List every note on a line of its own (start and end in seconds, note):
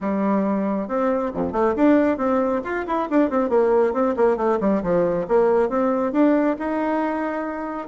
0.01 0.88 G3
0.88 1.31 C4
1.33 1.52 F2
1.52 1.74 A3
1.76 2.17 D4
2.17 2.61 C4
2.63 2.85 F4
2.86 3.08 E4
3.10 3.30 D4
3.30 3.49 C4
3.49 3.93 A#3
3.93 4.15 C4
4.16 4.37 A#3
4.37 4.58 A3
4.60 4.82 G3
4.82 5.26 F3
5.28 5.69 A#3
5.69 6.12 C4
6.12 6.56 D4
6.58 7.88 D#4